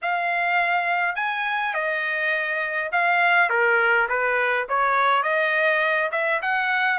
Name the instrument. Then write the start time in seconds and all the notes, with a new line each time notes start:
trumpet
0.02 F5
1.15 G#5
1.74 D#5
2.92 F5
3.49 A#4
4.08 B4
4.68 C#5
5.22 D#5
6.11 E5
6.42 F#5